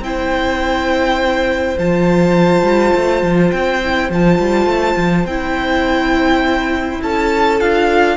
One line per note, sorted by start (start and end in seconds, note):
0.00 1.75 C4
0.00 1.78 E4
0.00 7.02 C5
0.00 1.78 G5
1.78 2.62 F3
1.78 3.82 F4
1.78 3.51 A5
2.62 2.91 G3
2.96 3.23 A3
3.23 3.52 F3
3.51 4.09 C4
3.51 4.09 G5
3.83 4.12 E4
4.09 4.39 F3
4.09 5.29 F4
4.09 5.26 A5
4.39 4.66 G3
4.66 4.95 A3
4.96 5.25 F3
5.25 7.00 C4
5.25 7.60 E4
5.25 7.01 G5
7.02 7.61 C#4
7.02 8.17 A4
7.02 7.60 A5
7.60 8.17 D4
7.60 8.17 F4
7.60 8.17 F5